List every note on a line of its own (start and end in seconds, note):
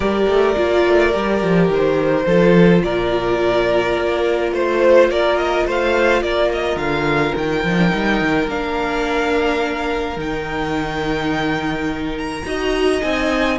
0.00 0.27 G3
0.00 0.55 G4
0.00 2.26 A#4
0.00 1.69 D5
0.27 0.55 A3
0.55 0.86 A#3
0.55 1.12 F4
0.86 1.15 A3
1.12 1.43 G3
1.12 2.25 G4
1.43 1.68 F3
1.68 2.25 D#3
1.68 2.83 C5
2.26 2.82 F3
2.26 7.66 F4
2.26 2.82 A4
2.82 3.96 A#2
2.82 4.53 A#4
2.82 4.52 D5
3.97 4.52 A#3
4.52 5.09 A3
4.52 5.10 C5
4.52 5.11 C5
5.09 5.65 A#3
5.09 5.66 A#4
5.09 5.37 D5
5.37 5.65 D#5
5.66 6.21 A3
5.66 6.23 C5
5.66 6.22 F5
6.21 6.75 A#3
6.21 12.46 A#4
6.21 6.50 D5
6.52 6.78 D#5
6.75 7.32 D3
6.75 7.34 F5
7.36 7.64 D#3
7.36 8.49 G5
7.64 7.92 F3
7.64 7.78 D#4
7.78 7.88 D4
7.88 8.21 G3
7.88 8.45 D#4
8.21 8.47 D#3
8.47 10.16 A#3
8.47 10.17 D4
8.47 10.19 F5
10.16 12.42 D#3
10.16 12.44 D#4
10.16 12.17 G5
12.17 13.01 A#5
12.45 13.01 D#4
12.45 13.02 F#4
12.45 13.58 D#5
13.01 13.58 C4
13.01 13.58 D#4
13.01 13.58 G#5